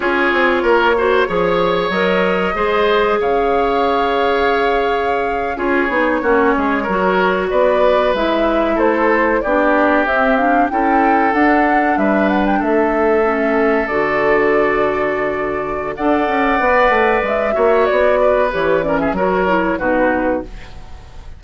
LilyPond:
<<
  \new Staff \with { instrumentName = "flute" } { \time 4/4 \tempo 4 = 94 cis''2. dis''4~ | dis''4 f''2.~ | f''8. cis''2. d''16~ | d''8. e''4 c''4 d''4 e''16~ |
e''16 f''8 g''4 fis''4 e''8 fis''16 g''16 e''16~ | e''4.~ e''16 d''2~ d''16~ | d''4 fis''2 e''4 | d''4 cis''8 d''16 e''16 cis''4 b'4 | }
  \new Staff \with { instrumentName = "oboe" } { \time 4/4 gis'4 ais'8 c''8 cis''2 | c''4 cis''2.~ | cis''8. gis'4 fis'8 gis'8 ais'4 b'16~ | b'4.~ b'16 a'4 g'4~ g'16~ |
g'8. a'2 b'4 a'16~ | a'1~ | a'4 d''2~ d''8 cis''8~ | cis''8 b'4 ais'16 gis'16 ais'4 fis'4 | }
  \new Staff \with { instrumentName = "clarinet" } { \time 4/4 f'4. fis'8 gis'4 ais'4 | gis'1~ | gis'8. f'8 dis'8 cis'4 fis'4~ fis'16~ | fis'8. e'2 d'4 c'16~ |
c'16 d'8 e'4 d'2~ d'16~ | d'8. cis'4 fis'2~ fis'16~ | fis'4 a'4 b'4. fis'8~ | fis'4 g'8 cis'8 fis'8 e'8 dis'4 | }
  \new Staff \with { instrumentName = "bassoon" } { \time 4/4 cis'8 c'8 ais4 f4 fis4 | gis4 cis2.~ | cis8. cis'8 b8 ais8 gis8 fis4 b16~ | b8. gis4 a4 b4 c'16~ |
c'8. cis'4 d'4 g4 a16~ | a4.~ a16 d2~ d16~ | d4 d'8 cis'8 b8 a8 gis8 ais8 | b4 e4 fis4 b,4 | }
>>